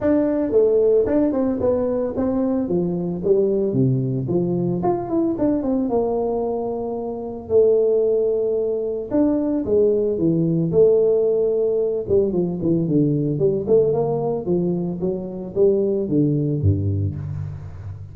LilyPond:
\new Staff \with { instrumentName = "tuba" } { \time 4/4 \tempo 4 = 112 d'4 a4 d'8 c'8 b4 | c'4 f4 g4 c4 | f4 f'8 e'8 d'8 c'8 ais4~ | ais2 a2~ |
a4 d'4 gis4 e4 | a2~ a8 g8 f8 e8 | d4 g8 a8 ais4 f4 | fis4 g4 d4 g,4 | }